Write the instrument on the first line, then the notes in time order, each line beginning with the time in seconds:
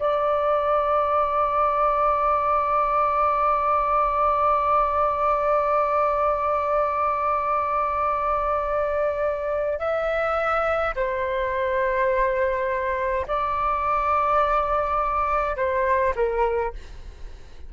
flute
0.00 D5
9.80 E5
10.96 C5
13.28 D5
15.57 C5
16.16 A#4